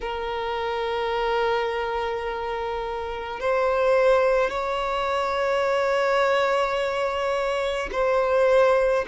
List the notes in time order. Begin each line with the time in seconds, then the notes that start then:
0.00 A#4
3.40 C5
4.50 C#5
7.91 C5